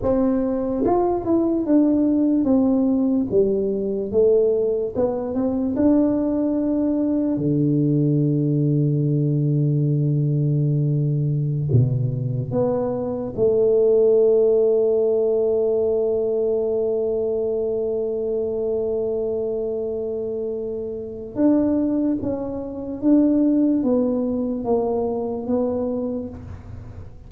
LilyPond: \new Staff \with { instrumentName = "tuba" } { \time 4/4 \tempo 4 = 73 c'4 f'8 e'8 d'4 c'4 | g4 a4 b8 c'8 d'4~ | d'4 d2.~ | d2~ d16 b,4 b8.~ |
b16 a2.~ a8.~ | a1~ | a2 d'4 cis'4 | d'4 b4 ais4 b4 | }